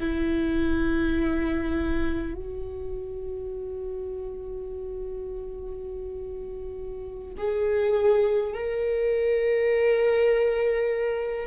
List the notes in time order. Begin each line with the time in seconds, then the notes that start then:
0.00 E4
2.34 F#4
7.37 G#4
8.53 A#4